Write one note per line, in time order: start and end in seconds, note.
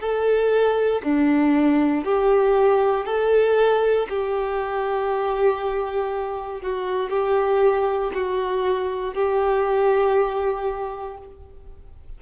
0.00 1.02 A4
1.03 2.04 D4
2.04 3.06 G4
3.06 4.07 A4
4.09 6.62 G4
6.62 7.10 F#4
7.10 8.11 G4
8.14 9.14 F#4
9.14 11.18 G4